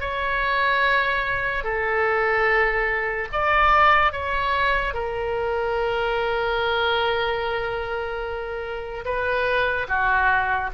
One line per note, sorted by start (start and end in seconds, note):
0.00 1.64 C#5
1.64 3.28 A4
3.32 4.12 D5
4.12 4.94 C#5
4.94 9.05 A#4
9.05 9.87 B4
9.88 10.70 F#4